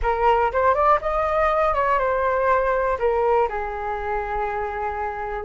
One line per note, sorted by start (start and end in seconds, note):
0.02 0.51 A#4
0.52 0.74 C5
0.74 0.99 D5
1.01 1.74 D#5
1.74 1.99 C#5
1.99 2.98 C5
2.98 3.48 A#4
3.48 5.44 G#4